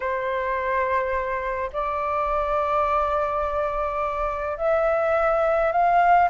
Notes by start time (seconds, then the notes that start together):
0.00 C5
1.72 D5
4.57 E5
5.71 F5